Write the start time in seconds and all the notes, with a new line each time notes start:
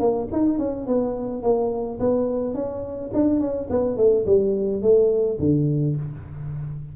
0.00 A#3
0.32 D#4
0.59 C#4
0.87 B3
1.43 A#3
2.00 B3
2.55 C#4
3.14 D4
3.40 C#4
3.70 B3
3.97 A3
4.27 G3
4.83 A3
5.40 D3